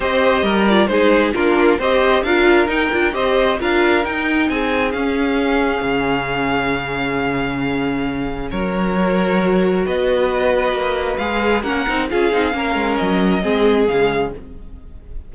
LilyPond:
<<
  \new Staff \with { instrumentName = "violin" } { \time 4/4 \tempo 4 = 134 dis''4. d''8 c''4 ais'4 | dis''4 f''4 g''4 dis''4 | f''4 g''4 gis''4 f''4~ | f''1~ |
f''2. cis''4~ | cis''2 dis''2~ | dis''4 f''4 fis''4 f''4~ | f''4 dis''2 f''4 | }
  \new Staff \with { instrumentName = "violin" } { \time 4/4 c''4 ais'4 gis'4 f'4 | c''4 ais'2 c''4 | ais'2 gis'2~ | gis'1~ |
gis'2. ais'4~ | ais'2 b'2~ | b'2 ais'4 gis'4 | ais'2 gis'2 | }
  \new Staff \with { instrumentName = "viola" } { \time 4/4 g'4. f'8 dis'4 d'4 | g'4 f'4 dis'8 f'8 g'4 | f'4 dis'2 cis'4~ | cis'1~ |
cis'1 | fis'1~ | fis'4 gis'4 cis'8 dis'8 f'8 dis'8 | cis'2 c'4 gis4 | }
  \new Staff \with { instrumentName = "cello" } { \time 4/4 c'4 g4 gis4 ais4 | c'4 d'4 dis'8 d'8 c'4 | d'4 dis'4 c'4 cis'4~ | cis'4 cis2.~ |
cis2. fis4~ | fis2 b2 | ais4 gis4 ais8 c'8 cis'8 c'8 | ais8 gis8 fis4 gis4 cis4 | }
>>